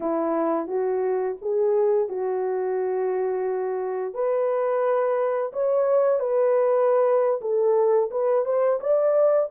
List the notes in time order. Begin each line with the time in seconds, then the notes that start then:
0.00 E4
0.67 F#4
1.41 G#4
2.08 F#4
4.14 B4
5.53 C#5
6.19 B4
7.41 A4
8.10 B4
8.45 C5
8.80 D5